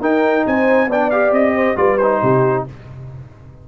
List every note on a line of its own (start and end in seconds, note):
0.00 0.44 D#4
0.00 0.89 D#4
0.00 0.45 A#4
0.00 0.46 G5
0.46 0.87 C4
0.46 0.89 C5
0.46 0.91 G#5
0.87 1.31 B3
0.87 1.12 D4
0.87 1.55 D5
0.87 1.10 G5
1.10 1.76 G4
1.10 1.32 F5
1.31 1.75 C4
1.31 1.77 D#5
1.55 1.77 C5
1.76 2.21 G3
1.76 1.98 F4
1.76 2.22 B4
1.76 1.98 D5
1.98 2.68 D#4
1.98 2.64 C5
2.22 2.66 C3
2.22 2.66 G4